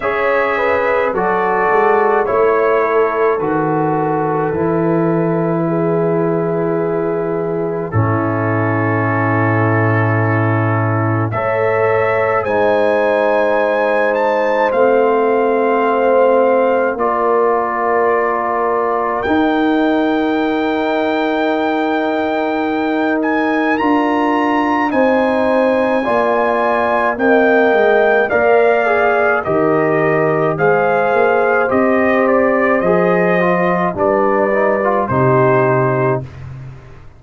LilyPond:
<<
  \new Staff \with { instrumentName = "trumpet" } { \time 4/4 \tempo 4 = 53 e''4 d''4 cis''4 b'4~ | b'2. a'4~ | a'2 e''4 gis''4~ | gis''8 a''8 f''2 d''4~ |
d''4 g''2.~ | g''8 gis''8 ais''4 gis''2 | g''4 f''4 dis''4 f''4 | dis''8 d''8 dis''4 d''4 c''4 | }
  \new Staff \with { instrumentName = "horn" } { \time 4/4 cis''8 b'8 a'4 cis''8 a'4.~ | a'4 gis'2 e'4~ | e'2 cis''4 c''4~ | c''2. ais'4~ |
ais'1~ | ais'2 c''4 d''4 | dis''4 d''4 ais'4 c''4~ | c''2 b'4 g'4 | }
  \new Staff \with { instrumentName = "trombone" } { \time 4/4 gis'4 fis'4 e'4 fis'4 | e'2. cis'4~ | cis'2 a'4 dis'4~ | dis'4 c'2 f'4~ |
f'4 dis'2.~ | dis'4 f'4 dis'4 f'4 | ais4 ais'8 gis'8 g'4 gis'4 | g'4 gis'8 f'8 d'8 dis'16 f'16 dis'4 | }
  \new Staff \with { instrumentName = "tuba" } { \time 4/4 cis'4 fis8 gis8 a4 dis4 | e2. a,4~ | a,2 a4 gis4~ | gis4 a2 ais4~ |
ais4 dis'2.~ | dis'4 d'4 c'4 ais4 | c'8 gis8 ais4 dis4 gis8 ais8 | c'4 f4 g4 c4 | }
>>